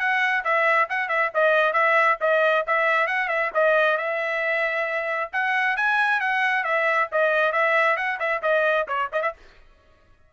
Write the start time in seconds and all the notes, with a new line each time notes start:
0.00 F#5
0.45 E5
0.90 F#5
1.09 E5
1.35 D#5
1.74 E5
2.21 D#5
2.67 E5
3.07 F#5
3.29 E5
3.55 D#5
3.98 E5
5.33 F#5
5.77 G#5
6.21 F#5
6.64 E5
7.12 D#5
7.53 E5
7.97 F#5
8.20 E5
8.43 D#5
8.88 C#5
9.13 D#5
9.22 E5